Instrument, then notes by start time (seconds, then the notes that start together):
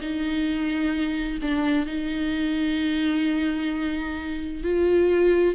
viola
0.00 D#4
1.41 D4
1.86 D#4
4.63 F4